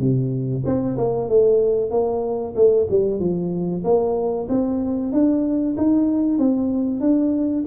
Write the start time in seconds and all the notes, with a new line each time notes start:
0.00 C3
0.66 C4
0.98 A#3
1.29 A3
1.91 A#3
2.56 A3
2.90 G3
3.20 F3
3.84 A#3
4.49 C4
5.13 D4
5.78 D#4
6.39 C4
7.01 D4